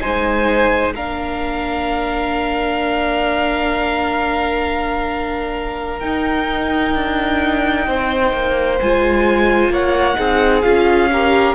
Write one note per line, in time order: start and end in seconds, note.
0.00 0.96 G#3
0.00 0.93 D#4
0.00 0.93 C5
0.00 0.92 G#5
0.95 6.02 A#3
0.95 6.00 D4
0.95 7.87 A#4
0.95 5.99 F5
5.99 8.77 D#4
5.99 6.94 D#4
5.99 8.76 G5
6.94 7.86 D4
7.86 8.32 C4
7.86 9.72 C5
8.33 8.79 A#3
8.80 9.69 G#3
8.80 10.14 F4
8.80 9.72 G#5
9.69 10.15 A#3
9.69 10.17 C#5
9.69 10.61 F#5
10.14 10.65 C4
10.14 10.60 D#4
10.14 11.09 G#4
10.61 11.54 C#4
10.61 11.10 F4
10.61 11.54 F5
11.12 11.54 G4
11.12 11.54 A#4